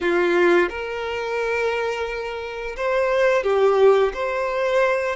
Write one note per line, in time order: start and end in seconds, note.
0.01 0.69 F4
0.69 2.76 A#4
2.76 3.43 C5
3.43 4.12 G4
4.13 5.16 C5